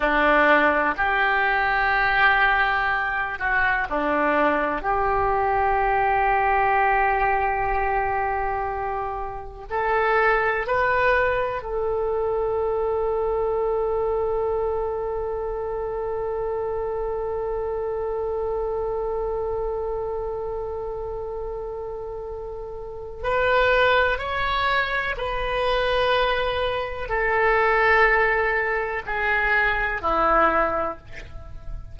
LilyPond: \new Staff \with { instrumentName = "oboe" } { \time 4/4 \tempo 4 = 62 d'4 g'2~ g'8 fis'8 | d'4 g'2.~ | g'2 a'4 b'4 | a'1~ |
a'1~ | a'1 | b'4 cis''4 b'2 | a'2 gis'4 e'4 | }